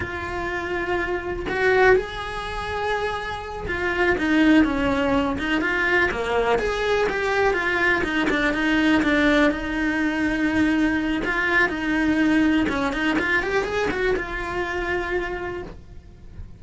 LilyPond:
\new Staff \with { instrumentName = "cello" } { \time 4/4 \tempo 4 = 123 f'2. fis'4 | gis'2.~ gis'8 f'8~ | f'8 dis'4 cis'4. dis'8 f'8~ | f'8 ais4 gis'4 g'4 f'8~ |
f'8 dis'8 d'8 dis'4 d'4 dis'8~ | dis'2. f'4 | dis'2 cis'8 dis'8 f'8 g'8 | gis'8 fis'8 f'2. | }